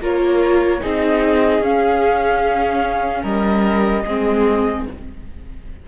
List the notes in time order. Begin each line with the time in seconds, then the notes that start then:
0.00 A#3 F4 A#4 C#5
0.81 C4 D#4 G#4 D#5
1.60 C#4 F5
3.23 G3 A#4 D#5
4.06 G#3 C4 G#4